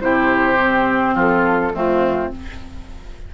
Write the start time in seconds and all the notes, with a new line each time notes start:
0.00 C3 E4 G4 C5
0.57 C4
1.14 F3 F4 A4
1.73 F2 A3 C4 F4